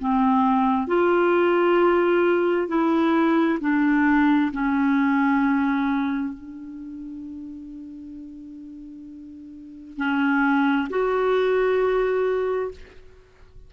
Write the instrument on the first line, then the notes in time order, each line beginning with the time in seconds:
clarinet
0.00 C4
0.88 F4
2.69 E4
3.61 D4
4.53 C#4
6.34 D4
9.98 C#4
10.90 F#4